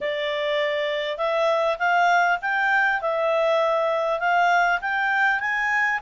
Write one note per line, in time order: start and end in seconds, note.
0.01 1.17 D5
1.17 1.77 E5
1.78 2.38 F5
2.41 3.01 G5
3.01 4.19 E5
4.19 4.79 F5
4.81 5.40 G5
5.40 6.00 G#5